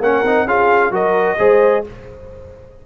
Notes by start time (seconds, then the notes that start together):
0.00 A#3 C#4 A#4 F#5
0.24 C4 D#4
0.46 C#4 F4 G#4 F5
0.91 F#3 F#4 A#4 D#5
1.38 G#3 G#4 C5